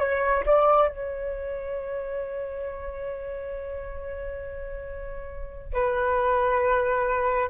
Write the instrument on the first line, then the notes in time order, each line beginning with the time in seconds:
flute
0.00 C#5
0.46 D5
0.88 C#5
5.74 B4